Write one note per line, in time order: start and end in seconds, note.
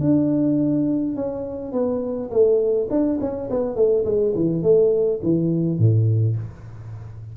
0.00 1.15 D4
1.16 1.72 C#4
1.72 2.30 B3
2.30 2.88 A3
2.90 3.19 D4
3.20 3.49 C#4
3.50 3.76 B3
3.76 4.05 A3
4.05 4.34 G#3
4.35 4.62 E3
4.62 5.20 A3
5.23 5.78 E3
5.78 6.36 A2